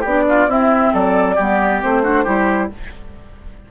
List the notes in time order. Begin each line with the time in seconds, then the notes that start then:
0.00 B3 G4 D5
0.07 D4
0.29 F4
0.47 C4 E4 E5
0.93 F#3 A4 D5
1.35 G3 B3 G4
1.81 A3 C4 C5
2.03 D4 F#4
2.24 G3 E4 G4